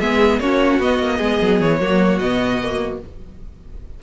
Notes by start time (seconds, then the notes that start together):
0.00 G#3 B3 G#4 E5
0.40 A#3 C#4 F#4 C#5
0.80 B3 D#5
1.00 A#3
1.18 G#3 G#4
1.42 F#3
1.61 E3 C#5
1.81 F#3 A#3 F#4
2.19 B2 B3 D#5
2.63 A#3